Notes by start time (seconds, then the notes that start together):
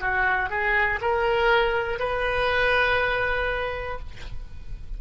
0.00 F#4
0.50 G#4
1.00 A#4
1.99 B4